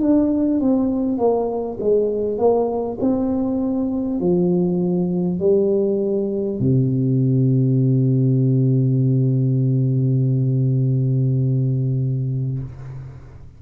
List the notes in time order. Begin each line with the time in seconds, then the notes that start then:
0.00 D4
0.60 C4
1.17 A#3
1.80 G#3
2.37 A#3
3.00 C4
4.20 F3
5.39 G3
6.59 C3